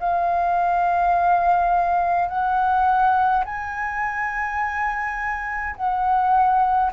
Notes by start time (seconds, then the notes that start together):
0.00 F5
2.29 F#5
3.46 G#5
5.76 F#5